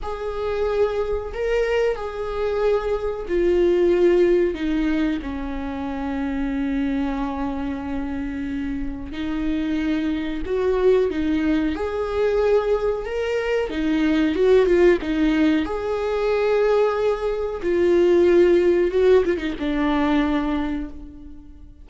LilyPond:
\new Staff \with { instrumentName = "viola" } { \time 4/4 \tempo 4 = 92 gis'2 ais'4 gis'4~ | gis'4 f'2 dis'4 | cis'1~ | cis'2 dis'2 |
fis'4 dis'4 gis'2 | ais'4 dis'4 fis'8 f'8 dis'4 | gis'2. f'4~ | f'4 fis'8 f'16 dis'16 d'2 | }